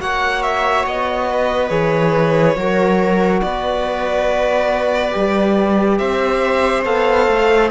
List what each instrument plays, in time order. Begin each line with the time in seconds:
0.00 cello A#3, trombone F#4, viola C#5, violin F#5
0.43 violin E5
0.86 cello B3, violin D#5
1.31 viola B4
1.69 cello E3, trombone G#4, violin C#5
2.56 cello F#3, trombone F#4, viola A#4
3.41 cello B3, viola B4, violin D5
5.12 cello G3, trombone G4
5.98 cello C4, viola C5, violin E5
6.85 cello B3, trombone A4, violin F5
7.28 cello A3